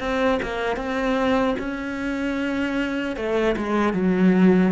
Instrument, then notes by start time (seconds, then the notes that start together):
cello
0.00 C4
0.43 A#3
0.77 C4
1.59 C#4
3.17 A3
3.57 G#3
3.94 F#3